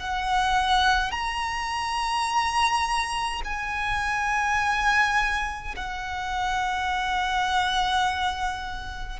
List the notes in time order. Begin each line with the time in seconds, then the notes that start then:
0.00 F#5
1.11 A#5
3.45 G#5
5.76 F#5